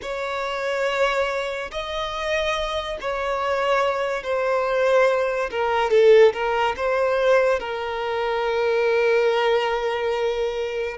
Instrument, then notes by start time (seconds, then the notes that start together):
violin
0.02 C#5
1.71 D#5
3.00 C#5
4.23 C5
5.50 A#4
5.90 A4
6.33 A#4
6.76 C5
7.59 A#4